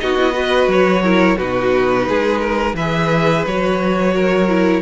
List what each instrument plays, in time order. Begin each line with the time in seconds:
0.00 cello B3, viola D#4, violin F#4 D#5
0.19 viola E4
0.34 viola F#4, violin B4
0.68 cello F#3, violin C#5
1.04 viola E4, violin A#4
1.37 cello B2, viola D#4, violin F#4 B4
2.09 cello G#3, violin G#4
2.41 violin A#4
2.74 cello E3, violin B4 E5
2.81 viola G#4
3.47 cello F#3, viola F#4, violin C#5
4.15 violin A#4
4.49 viola E4